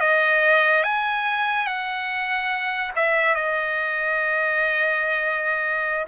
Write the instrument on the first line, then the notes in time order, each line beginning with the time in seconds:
trumpet
0.00 D#5
0.83 G#5
1.66 F#5
2.95 E5
3.35 D#5